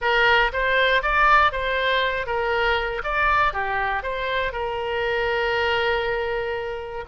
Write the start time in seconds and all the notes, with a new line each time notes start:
0.01 A#4
0.52 C5
1.02 D5
1.52 C5
2.26 A#4
3.03 D5
3.53 G4
4.02 C5
4.52 A#4